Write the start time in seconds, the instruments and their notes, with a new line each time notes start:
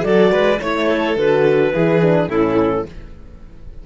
0.00 cello F#3, horn F#4, violin A4, clarinet D5
0.31 cello G#3, violin B4
0.61 cello A3, horn E4, clarinet C#5, violin C#5
0.88 violin A4
1.16 cello D3, horn F#4, clarinet B4
1.73 cello E3, horn E4, violin G#4
2.02 horn D4
2.28 cello A2, horn C#4, violin E4, clarinet A4